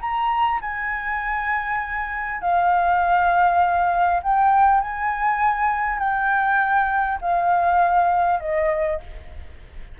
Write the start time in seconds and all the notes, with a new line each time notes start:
0.00 A#5
0.61 G#5
2.41 F5
4.22 G5
4.81 G#5
5.98 G5
7.21 F5
8.40 D#5